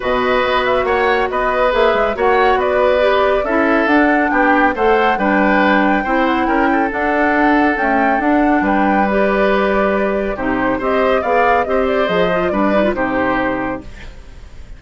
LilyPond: <<
  \new Staff \with { instrumentName = "flute" } { \time 4/4 \tempo 4 = 139 dis''4. e''8 fis''4 dis''4 | e''4 fis''4 d''2 | e''4 fis''4 g''4 fis''4 | g''2~ g''8 fis''8 g''4 |
fis''2 g''4 fis''4 | g''4 d''2. | c''4 dis''4 f''4 dis''8 d''8 | dis''4 d''4 c''2 | }
  \new Staff \with { instrumentName = "oboe" } { \time 4/4 b'2 cis''4 b'4~ | b'4 cis''4 b'2 | a'2 g'4 c''4 | b'2 c''4 ais'8 a'8~ |
a'1 | b'1 | g'4 c''4 d''4 c''4~ | c''4 b'4 g'2 | }
  \new Staff \with { instrumentName = "clarinet" } { \time 4/4 fis'1 | gis'4 fis'2 g'4 | e'4 d'2 a'4 | d'2 e'2 |
d'2 a4 d'4~ | d'4 g'2. | dis'4 g'4 gis'4 g'4 | gis'8 f'8 d'8 dis'16 f'16 dis'2 | }
  \new Staff \with { instrumentName = "bassoon" } { \time 4/4 b,4 b4 ais4 b4 | ais8 gis8 ais4 b2 | cis'4 d'4 b4 a4 | g2 c'4 cis'4 |
d'2 cis'4 d'4 | g1 | c4 c'4 b4 c'4 | f4 g4 c2 | }
>>